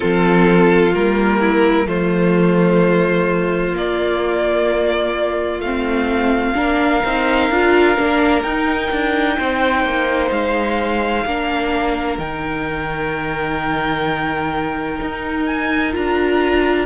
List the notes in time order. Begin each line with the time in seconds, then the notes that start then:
0.00 F3 C4 F4 A4
0.94 G3 A#3 A#4
1.40 E4
1.86 F3 A3 F4 C5
3.72 A#3 D5
5.60 A3 C4 F5
6.54 A#3 D4 A#4
7.04 C4 D#4
7.50 D4 F4
7.96 A#3 D4
8.42 D#4 G5
8.91 D4
9.38 C4 C5
9.84 A#3
10.30 G#3 F5
11.25 A#3 D4 A#4
12.18 D#3 D#4 G5
15.01 D#4
15.45 G#5
15.92 D4 F4 A#5